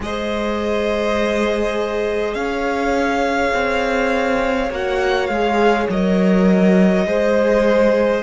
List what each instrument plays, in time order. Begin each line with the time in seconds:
0.00 cello G#3, viola G#4, violin C5 D#5
2.34 cello C#4, violin C#5 F5
3.53 cello C4
4.70 cello A#3, viola F#4, violin F#5
5.27 cello G#3, viola G#4, violin F5
5.89 cello F#3, viola A#4, violin D#5
7.05 cello G#3, viola G#4, violin C5